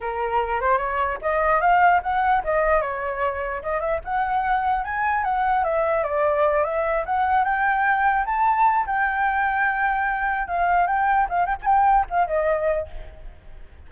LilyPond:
\new Staff \with { instrumentName = "flute" } { \time 4/4 \tempo 4 = 149 ais'4. c''8 cis''4 dis''4 | f''4 fis''4 dis''4 cis''4~ | cis''4 dis''8 e''8 fis''2 | gis''4 fis''4 e''4 d''4~ |
d''8 e''4 fis''4 g''4.~ | g''8 a''4. g''2~ | g''2 f''4 g''4 | f''8 g''16 gis''16 g''4 f''8 dis''4. | }